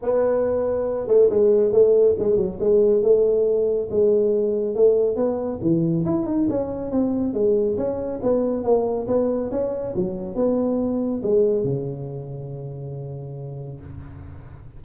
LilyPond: \new Staff \with { instrumentName = "tuba" } { \time 4/4 \tempo 4 = 139 b2~ b8 a8 gis4 | a4 gis8 fis8 gis4 a4~ | a4 gis2 a4 | b4 e4 e'8 dis'8 cis'4 |
c'4 gis4 cis'4 b4 | ais4 b4 cis'4 fis4 | b2 gis4 cis4~ | cis1 | }